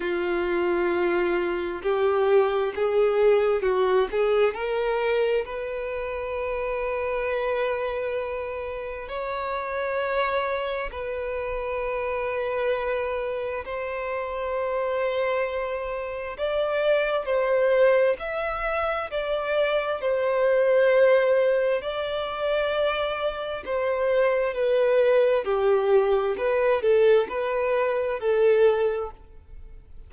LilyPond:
\new Staff \with { instrumentName = "violin" } { \time 4/4 \tempo 4 = 66 f'2 g'4 gis'4 | fis'8 gis'8 ais'4 b'2~ | b'2 cis''2 | b'2. c''4~ |
c''2 d''4 c''4 | e''4 d''4 c''2 | d''2 c''4 b'4 | g'4 b'8 a'8 b'4 a'4 | }